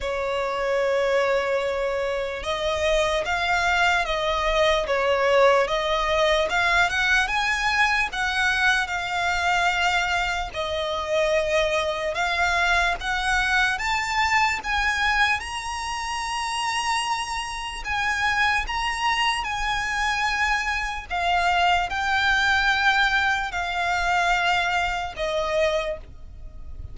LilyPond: \new Staff \with { instrumentName = "violin" } { \time 4/4 \tempo 4 = 74 cis''2. dis''4 | f''4 dis''4 cis''4 dis''4 | f''8 fis''8 gis''4 fis''4 f''4~ | f''4 dis''2 f''4 |
fis''4 a''4 gis''4 ais''4~ | ais''2 gis''4 ais''4 | gis''2 f''4 g''4~ | g''4 f''2 dis''4 | }